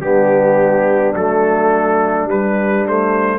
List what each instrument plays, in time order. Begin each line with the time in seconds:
0.00 tuba G3, trombone B3, horn D4, trumpet G4
1.14 tuba F#3, trombone A3, trumpet A4
2.25 tuba G3, trombone G3, trumpet B4
2.85 trombone A3, trumpet C5